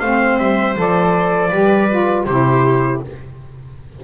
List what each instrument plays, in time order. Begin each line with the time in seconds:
0.00 double bass A3, saxophone C4, viola C5, trumpet F5
0.38 double bass G3, trumpet E5
0.75 double bass F3, saxophone A4, trumpet D5
1.49 double bass G3, saxophone G4, viola B4
1.89 saxophone F4
2.26 double bass C3, saxophone E4, viola G4, trumpet C5